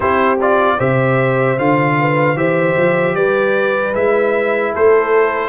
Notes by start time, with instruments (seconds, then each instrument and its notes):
0.00 tuba C4, trombone E4, horn G4, trumpet C5
0.41 trombone F4, trumpet D5
0.78 tuba C3, trombone G4, horn C5, trumpet E5
1.57 tuba D3, trombone F4, trumpet F5
1.99 horn B4
2.35 tuba E3, trombone G4, horn C5, trumpet E5
2.77 tuba F3
3.14 tuba G3, horn B4, trumpet D5
3.94 tuba G#3, trombone E4, trumpet E5
4.73 tuba A3, horn A4, trumpet C5